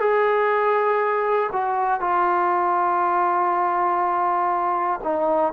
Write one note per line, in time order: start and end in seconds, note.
0.00 1.50 G#4
1.52 2.00 F#4
2.00 5.00 F4
5.03 5.52 D#4